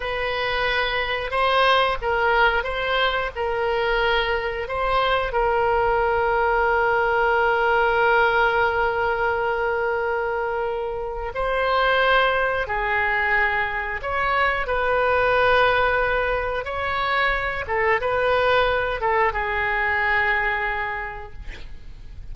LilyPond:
\new Staff \with { instrumentName = "oboe" } { \time 4/4 \tempo 4 = 90 b'2 c''4 ais'4 | c''4 ais'2 c''4 | ais'1~ | ais'1~ |
ais'4 c''2 gis'4~ | gis'4 cis''4 b'2~ | b'4 cis''4. a'8 b'4~ | b'8 a'8 gis'2. | }